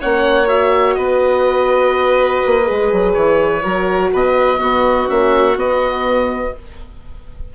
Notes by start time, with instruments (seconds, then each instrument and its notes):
0.00 bassoon A#3, horn C#4, violin C#5, oboe F#5
0.47 horn F#4, oboe E5
0.95 bassoon B3, violin B4, oboe D#5
2.46 bassoon A#3
2.64 horn G#4
2.70 bassoon G#3
2.92 bassoon F#3
3.13 bassoon E3, oboe C#5
3.62 bassoon F#3, horn F#4, violin A#4
4.12 bassoon B2, violin B4, oboe D#5
4.58 horn B3, bassoon B3, violin F#4
5.06 bassoon A#3, horn C#4, oboe E5
5.56 horn B3, bassoon B3, oboe D#5